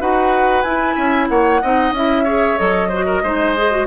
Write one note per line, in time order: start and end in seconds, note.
0.00 0.64 D#4
0.00 0.65 F#4
0.00 0.95 B4
0.00 0.62 F#5
0.62 0.96 E4
0.62 1.62 E4
0.62 1.26 G#5
0.95 1.29 C#4
0.95 1.28 E5
1.29 1.62 A#3
1.29 1.61 C#5
1.29 1.93 F#5
1.61 1.91 C4
1.61 1.95 D#4
1.61 2.24 D#5
1.91 2.56 C#4
1.91 2.26 E4
1.91 2.58 E5
2.24 2.58 G#4
2.24 2.88 C#5
2.58 3.22 F#3
2.58 2.90 A4
2.58 3.87 D#5
2.88 3.24 F#4
2.88 3.05 C5
3.06 3.22 A#4
3.22 3.87 G#3
3.22 3.56 D#4
3.22 3.87 C5
3.57 3.71 G#4
3.71 3.87 F#4